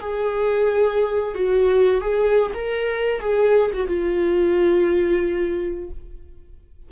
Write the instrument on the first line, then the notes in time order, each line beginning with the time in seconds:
viola
0.00 G#4
1.35 F#4
2.01 G#4
2.54 A#4
3.20 G#4
3.73 F#4
3.87 F4